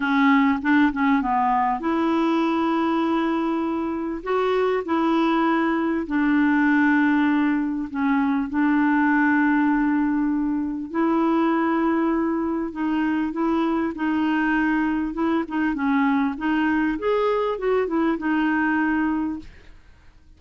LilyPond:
\new Staff \with { instrumentName = "clarinet" } { \time 4/4 \tempo 4 = 99 cis'4 d'8 cis'8 b4 e'4~ | e'2. fis'4 | e'2 d'2~ | d'4 cis'4 d'2~ |
d'2 e'2~ | e'4 dis'4 e'4 dis'4~ | dis'4 e'8 dis'8 cis'4 dis'4 | gis'4 fis'8 e'8 dis'2 | }